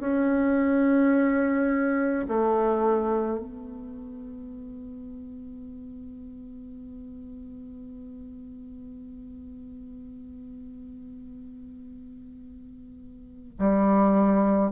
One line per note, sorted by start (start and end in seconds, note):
0.00 2.26 C#4
2.28 3.39 A3
3.39 13.58 B3
13.59 14.72 G3